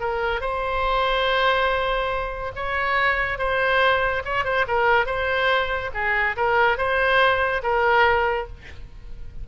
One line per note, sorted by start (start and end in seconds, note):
0.00 0.41 A#4
0.41 2.52 C5
2.56 3.38 C#5
3.38 4.23 C5
4.25 4.44 C#5
4.44 4.66 C5
4.68 5.06 A#4
5.06 5.91 C5
5.94 6.36 G#4
6.37 6.78 A#4
6.78 7.62 C5
7.63 8.47 A#4